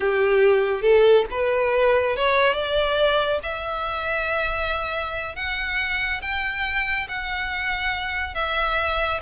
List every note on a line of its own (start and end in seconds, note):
0.00 0.82 G4
0.82 1.25 A4
1.31 2.16 B4
2.16 2.53 C#5
2.53 3.39 D5
3.42 5.35 E5
5.35 6.21 F#5
6.21 7.07 G5
7.08 8.34 F#5
8.34 9.20 E5